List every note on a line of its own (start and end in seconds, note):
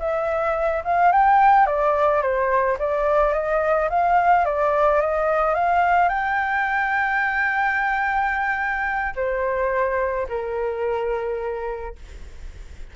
0.00 0.83 E5
0.85 1.12 F5
1.12 1.67 G5
1.67 2.22 D5
2.22 2.78 C5
2.79 3.33 D5
3.33 3.89 D#5
3.90 4.45 F5
4.45 5.01 D5
5.01 5.55 D#5
5.55 6.09 F5
6.09 9.15 G5
9.16 10.27 C5
10.29 11.96 A#4